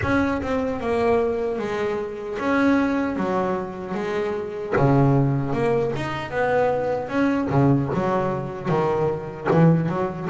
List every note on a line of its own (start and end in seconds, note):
0.02 0.41 C#4
0.42 0.80 C4
0.80 1.59 A#3
1.59 2.38 G#3
2.39 3.16 C#4
3.16 3.94 F#3
3.94 4.73 G#3
4.76 5.52 C#3
5.52 5.92 A#3
5.96 6.31 D#4
6.31 7.08 B3
7.08 7.48 C#4
7.50 7.89 C#3
7.94 8.68 F#3
8.68 9.47 D#3
9.50 9.88 E3
9.88 10.28 F#3